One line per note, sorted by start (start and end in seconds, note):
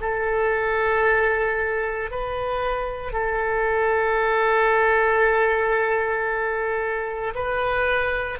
0.00 2.11 A4
2.11 3.12 B4
3.12 7.33 A4
7.35 8.39 B4